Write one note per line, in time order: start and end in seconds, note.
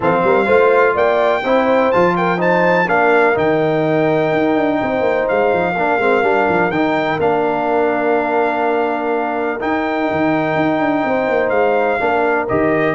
0.00 0.21 F3
0.00 0.45 C4
0.00 0.24 A4
0.00 0.96 F5
0.23 0.47 G3
0.23 0.45 A#4
0.45 0.95 A3
0.45 1.41 F4
0.45 0.93 C5
0.94 1.43 A#3
0.94 1.42 D5
0.94 1.91 G5
1.43 1.92 C4
1.43 1.93 E4
1.43 2.15 C5
1.91 2.88 F3
1.91 2.37 F4
1.91 2.15 A5
2.16 2.38 A#4
2.16 2.40 G5
2.37 2.85 D#4
2.37 2.86 C5
2.37 2.89 A5
2.87 3.36 A#3
2.87 3.34 D4
2.87 4.79 A#4
2.87 3.37 F5
3.34 4.32 D#3
3.34 5.74 D#4
3.34 5.28 G5
4.32 4.56 D#4
4.56 4.80 D4
4.80 5.00 C4
4.80 5.76 C5
5.00 5.24 A#3
5.28 5.53 G#3
5.28 6.71 F5
5.53 5.75 F3
5.75 5.98 A#3
5.75 6.00 D4
5.75 11.06 A#4
5.98 6.22 G#3
5.98 6.22 C4
6.22 6.46 G3
6.22 6.70 D4
6.48 6.69 F3
6.69 7.17 D#3
6.69 7.19 D#4
6.69 7.19 G5
7.19 9.59 A#3
7.19 9.59 D4
7.19 9.60 F5
9.60 11.99 D#4
9.60 10.10 D#4
9.60 11.49 G5
10.10 10.55 D#3
10.55 10.79 D#4
10.79 11.03 D4
11.04 11.27 C4
11.04 12.02 C5
11.27 11.50 A#3
11.49 11.98 G#3
11.49 12.45 F5
11.99 12.48 A#3
11.99 12.47 D4
11.99 12.95 A#4
12.48 12.95 D#3
12.48 12.95 G4
12.48 12.95 D#5